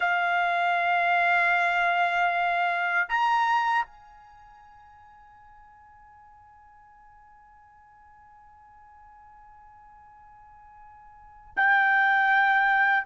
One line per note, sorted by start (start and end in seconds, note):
0.00 3.08 F5
3.08 3.85 A#5
3.85 11.54 G#5
11.56 13.05 G5